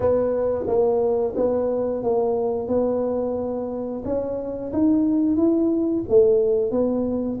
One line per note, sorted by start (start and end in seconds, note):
0.00 0.65 B3
0.67 1.34 A#3
1.36 2.03 B3
2.03 2.68 A#3
2.68 4.02 B3
4.04 4.72 C#4
4.73 5.36 D#4
5.36 6.03 E4
6.08 6.71 A3
6.71 7.38 B3